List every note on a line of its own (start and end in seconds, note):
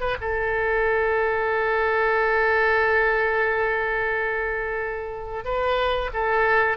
0.00 0.16 B4
0.21 5.45 A4
5.45 6.10 B4
6.13 6.77 A4